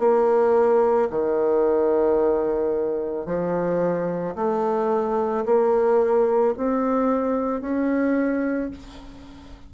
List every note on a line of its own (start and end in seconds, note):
0.00 1.09 A#3
1.11 3.26 D#3
3.26 4.35 F3
4.36 5.45 A3
5.45 6.55 A#3
6.58 7.61 C4
7.61 8.70 C#4